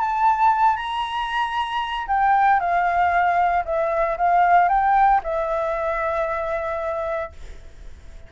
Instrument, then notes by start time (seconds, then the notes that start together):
flute
0.00 A5
0.76 A#5
2.07 G5
2.59 F5
3.65 E5
4.17 F5
4.68 G5
5.23 E5